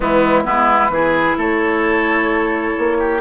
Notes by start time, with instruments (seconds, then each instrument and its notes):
0.00 bassoon E3, clarinet G#3, oboe B3, flute E4
0.44 bassoon G#3, clarinet B3, oboe E4, flute B4
0.89 bassoon E3, clarinet E4, oboe G#4
1.37 bassoon A3, oboe A4, flute C#5
2.78 bassoon A#3
2.98 oboe G4